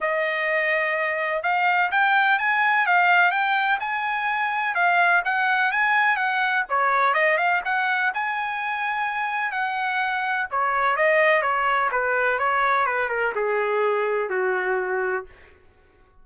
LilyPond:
\new Staff \with { instrumentName = "trumpet" } { \time 4/4 \tempo 4 = 126 dis''2. f''4 | g''4 gis''4 f''4 g''4 | gis''2 f''4 fis''4 | gis''4 fis''4 cis''4 dis''8 f''8 |
fis''4 gis''2. | fis''2 cis''4 dis''4 | cis''4 b'4 cis''4 b'8 ais'8 | gis'2 fis'2 | }